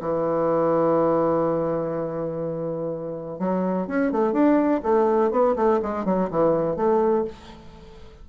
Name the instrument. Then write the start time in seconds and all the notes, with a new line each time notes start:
bassoon
0.00 E3
3.39 F#3
3.87 C#4
4.11 A3
4.32 D4
4.82 A3
5.31 B3
5.56 A3
5.82 G#3
6.05 F#3
6.30 E3
6.76 A3